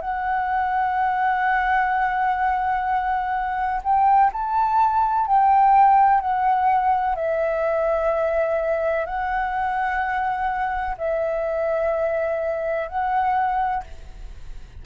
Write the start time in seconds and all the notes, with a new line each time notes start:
0.00 F#5
3.83 G5
4.32 A5
5.26 G5
6.20 F#5
7.15 E5
9.06 F#5
10.97 E5
12.88 F#5